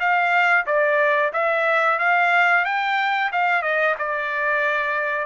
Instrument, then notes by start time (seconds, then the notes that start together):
trumpet
0.00 F5
0.67 D5
1.33 E5
1.99 F5
2.66 G5
3.33 F5
3.62 D#5
3.99 D5